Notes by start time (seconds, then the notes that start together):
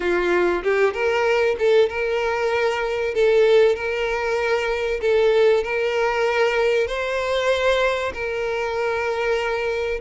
0.00 F4
0.63 G4
0.93 A#4
1.58 A4
1.89 A#4
3.14 A4
3.75 A#4
5.01 A4
5.63 A#4
6.87 C5
8.13 A#4